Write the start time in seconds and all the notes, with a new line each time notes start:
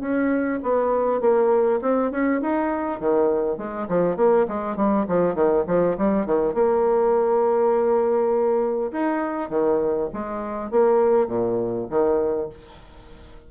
0.00 C#4
0.63 B3
1.20 A#3
1.81 C4
2.11 C#4
2.41 D#4
3.00 D#3
3.58 G#3
3.88 F3
4.16 A#3
4.48 G#3
4.76 G3
5.08 F3
5.35 D#3
5.67 F3
5.97 G3
6.26 D#3
6.54 A#3
8.92 D#4
9.49 D#3
10.13 G#3
10.70 A#3
11.27 A#2
11.90 D#3